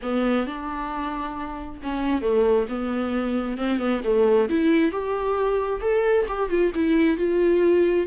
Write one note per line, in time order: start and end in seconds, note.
0.02 0.46 B3
0.46 1.80 D4
1.82 2.21 C#4
2.21 2.66 A3
2.68 3.57 B3
3.57 3.79 C4
3.79 4.01 B3
4.04 4.49 A3
4.49 4.91 E4
4.91 5.81 G4
5.81 6.26 A4
6.28 6.49 G4
6.49 6.71 F4
6.74 7.17 E4
7.17 8.06 F4